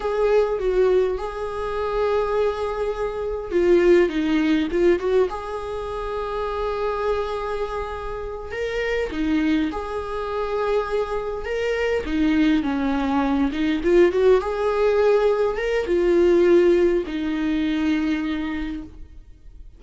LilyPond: \new Staff \with { instrumentName = "viola" } { \time 4/4 \tempo 4 = 102 gis'4 fis'4 gis'2~ | gis'2 f'4 dis'4 | f'8 fis'8 gis'2.~ | gis'2~ gis'8 ais'4 dis'8~ |
dis'8 gis'2. ais'8~ | ais'8 dis'4 cis'4. dis'8 f'8 | fis'8 gis'2 ais'8 f'4~ | f'4 dis'2. | }